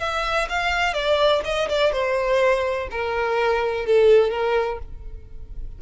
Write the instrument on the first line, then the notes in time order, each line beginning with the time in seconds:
violin
0.00 E5
0.49 F5
0.94 D5
1.44 D#5
1.69 D5
1.92 C5
2.91 A#4
3.86 A4
4.31 A#4